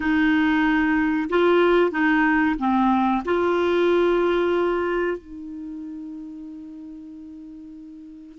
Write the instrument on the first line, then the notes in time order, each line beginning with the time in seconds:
clarinet
0.00 D#4
1.29 F4
1.91 D#4
2.58 C4
3.25 F4
5.17 D#4